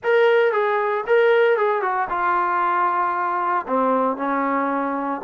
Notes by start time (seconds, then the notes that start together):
0.03 A#4
0.52 G#4
1.06 A#4
1.57 G#4
1.81 F#4
2.09 F4
3.67 C4
4.16 C#4